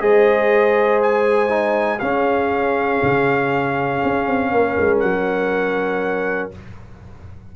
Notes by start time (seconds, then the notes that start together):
0.00 G#3 G#4 C5 D#5
1.02 G#5
1.48 D#4
1.99 C#4 G#4 F5
3.02 C#3
4.04 C#4
4.27 C4
4.51 A#3 A#4
4.79 G#3
4.99 F#3 F#5